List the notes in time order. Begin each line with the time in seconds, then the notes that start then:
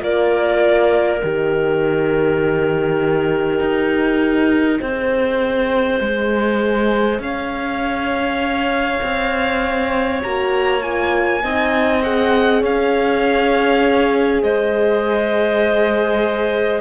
0.00 A#3 F4 A#4 D5
1.23 D#3 G4 D#5
3.60 D#4
4.80 C4 G#4 C5
6.00 G#3
7.20 C#4 C#5 F5
9.03 C4
10.22 A#3 F#4 A#5
10.83 F4 G#5
11.43 C4 D#4 D#5
12.03 G#4 F#5
12.61 C#4 C#5 F5
14.43 G#3 C5 D#5